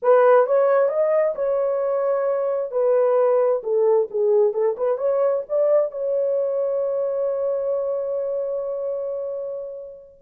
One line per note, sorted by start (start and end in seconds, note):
0.02 0.46 B4
0.46 0.88 C#5
0.88 1.34 D#5
1.35 2.71 C#5
2.71 3.62 B4
3.63 4.08 A4
4.10 4.53 G#4
4.53 4.76 A4
4.77 4.97 B4
4.97 5.43 C#5
5.48 5.91 D5
5.91 10.21 C#5